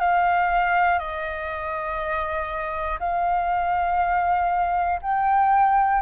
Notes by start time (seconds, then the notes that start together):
0.00 F5
0.99 D#5
2.99 F5
5.01 G5